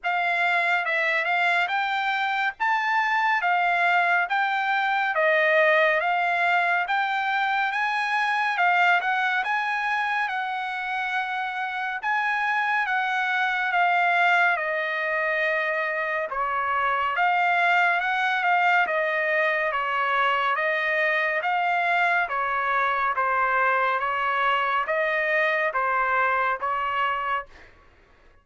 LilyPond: \new Staff \with { instrumentName = "trumpet" } { \time 4/4 \tempo 4 = 70 f''4 e''8 f''8 g''4 a''4 | f''4 g''4 dis''4 f''4 | g''4 gis''4 f''8 fis''8 gis''4 | fis''2 gis''4 fis''4 |
f''4 dis''2 cis''4 | f''4 fis''8 f''8 dis''4 cis''4 | dis''4 f''4 cis''4 c''4 | cis''4 dis''4 c''4 cis''4 | }